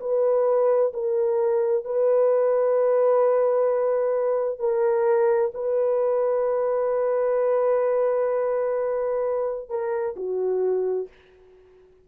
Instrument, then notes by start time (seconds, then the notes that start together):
horn
0.00 B4
0.93 A#4
1.85 B4
4.59 A#4
5.54 B4
9.69 A#4
10.16 F#4